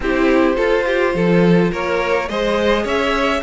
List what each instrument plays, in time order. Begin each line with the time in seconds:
0.00 cello C4, viola E4, violin G4 C5
0.55 viola F4, cello F4, violin A4
0.86 violin G4
1.14 cello F3, violin A4
1.71 cello A#3, violin A#4 C#5
2.28 cello G#3, viola G#4, violin C5 D#5
2.83 cello C#4, violin C#5 E5